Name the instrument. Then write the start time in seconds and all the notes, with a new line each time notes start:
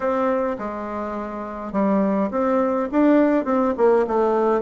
bassoon
0.00 C4
0.58 G#3
1.72 G3
2.31 C4
2.91 D4
3.45 C4
3.77 A#3
4.07 A3